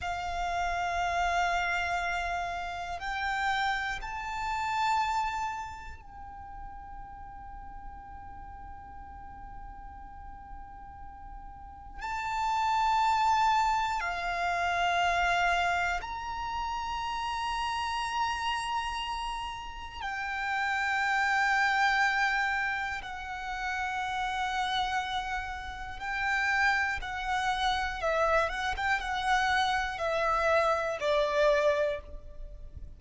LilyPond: \new Staff \with { instrumentName = "violin" } { \time 4/4 \tempo 4 = 60 f''2. g''4 | a''2 g''2~ | g''1 | a''2 f''2 |
ais''1 | g''2. fis''4~ | fis''2 g''4 fis''4 | e''8 fis''16 g''16 fis''4 e''4 d''4 | }